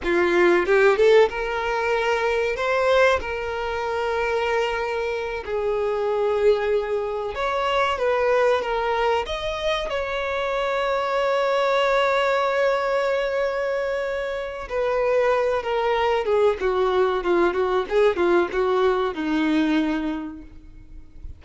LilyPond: \new Staff \with { instrumentName = "violin" } { \time 4/4 \tempo 4 = 94 f'4 g'8 a'8 ais'2 | c''4 ais'2.~ | ais'8 gis'2. cis''8~ | cis''8 b'4 ais'4 dis''4 cis''8~ |
cis''1~ | cis''2. b'4~ | b'8 ais'4 gis'8 fis'4 f'8 fis'8 | gis'8 f'8 fis'4 dis'2 | }